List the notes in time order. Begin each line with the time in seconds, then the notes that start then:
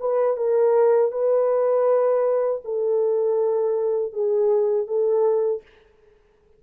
0.00 B4
0.37 A#4
1.12 B4
2.65 A4
4.13 G#4
4.88 A4